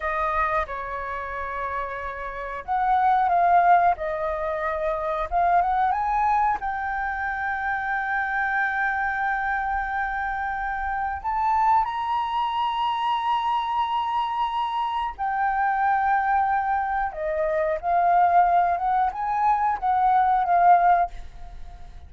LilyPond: \new Staff \with { instrumentName = "flute" } { \time 4/4 \tempo 4 = 91 dis''4 cis''2. | fis''4 f''4 dis''2 | f''8 fis''8 gis''4 g''2~ | g''1~ |
g''4 a''4 ais''2~ | ais''2. g''4~ | g''2 dis''4 f''4~ | f''8 fis''8 gis''4 fis''4 f''4 | }